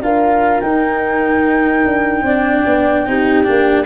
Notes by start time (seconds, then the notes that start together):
0.00 D4 F4 A#4 F5
0.60 D#4 G5
1.85 D4
2.22 C4 D4 D5
2.66 B3
3.06 C4 D#4 G4
3.44 A#3 D4